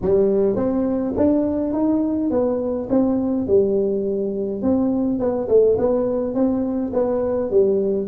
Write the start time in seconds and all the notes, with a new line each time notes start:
0.01 G3
0.56 C4
1.17 D4
1.73 D#4
2.30 B3
2.89 C4
3.47 G3
4.62 C4
5.19 B3
5.48 A3
5.77 B3
6.34 C4
6.93 B3
7.50 G3